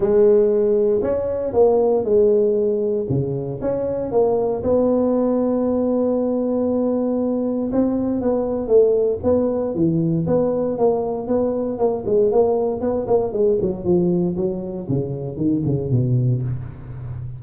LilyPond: \new Staff \with { instrumentName = "tuba" } { \time 4/4 \tempo 4 = 117 gis2 cis'4 ais4 | gis2 cis4 cis'4 | ais4 b2.~ | b2. c'4 |
b4 a4 b4 e4 | b4 ais4 b4 ais8 gis8 | ais4 b8 ais8 gis8 fis8 f4 | fis4 cis4 dis8 cis8 b,4 | }